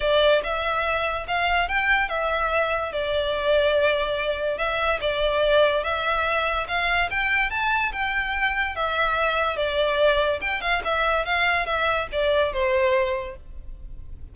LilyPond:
\new Staff \with { instrumentName = "violin" } { \time 4/4 \tempo 4 = 144 d''4 e''2 f''4 | g''4 e''2 d''4~ | d''2. e''4 | d''2 e''2 |
f''4 g''4 a''4 g''4~ | g''4 e''2 d''4~ | d''4 g''8 f''8 e''4 f''4 | e''4 d''4 c''2 | }